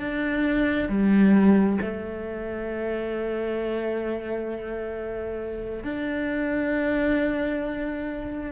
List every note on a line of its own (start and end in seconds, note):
0.00 0.90 D4
0.90 1.79 G3
1.82 5.84 A3
5.84 8.52 D4